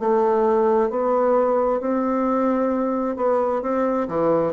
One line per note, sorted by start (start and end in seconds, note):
0.00 0.90 A3
0.90 1.81 B3
1.81 3.17 C4
3.17 3.62 B3
3.62 4.08 C4
4.08 4.54 E3